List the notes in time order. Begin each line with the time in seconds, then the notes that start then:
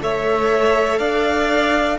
0.00 A3 A4 C#5 E5
0.98 D4 D5 F5